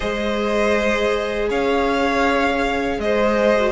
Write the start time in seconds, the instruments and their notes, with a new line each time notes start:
0.00 cello G#3, viola G#4, violin C5 D#5
1.49 cello C#4, violin C#5 F5
2.98 cello G#3, violin C5 D#5
3.55 viola F#4